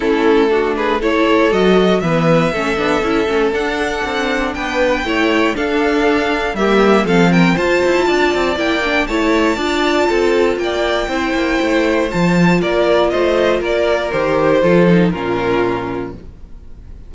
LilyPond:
<<
  \new Staff \with { instrumentName = "violin" } { \time 4/4 \tempo 4 = 119 a'4. b'8 cis''4 dis''4 | e''2. fis''4~ | fis''4 g''2 f''4~ | f''4 e''4 f''8 g''8 a''4~ |
a''4 g''4 a''2~ | a''4 g''2. | a''4 d''4 dis''4 d''4 | c''2 ais'2 | }
  \new Staff \with { instrumentName = "violin" } { \time 4/4 e'4 fis'8 gis'8 a'2 | b'4 a'2.~ | a'4 b'4 cis''4 a'4~ | a'4 g'4 a'8 ais'8 c''4 |
d''2 cis''4 d''4 | a'4 d''4 c''2~ | c''4 ais'4 c''4 ais'4~ | ais'4 a'4 f'2 | }
  \new Staff \with { instrumentName = "viola" } { \time 4/4 cis'4 d'4 e'4 fis'4 | b4 cis'8 d'8 e'8 cis'8 d'4~ | d'2 e'4 d'4~ | d'4 ais4 c'4 f'4~ |
f'4 e'8 d'8 e'4 f'4~ | f'2 e'2 | f'1 | g'4 f'8 dis'8 cis'2 | }
  \new Staff \with { instrumentName = "cello" } { \time 4/4 a2. fis4 | e4 a8 b8 cis'8 a8 d'4 | c'4 b4 a4 d'4~ | d'4 g4 f4 f'8 e'8 |
d'8 c'8 ais4 a4 d'4 | c'4 ais4 c'8 ais8 a4 | f4 ais4 a4 ais4 | dis4 f4 ais,2 | }
>>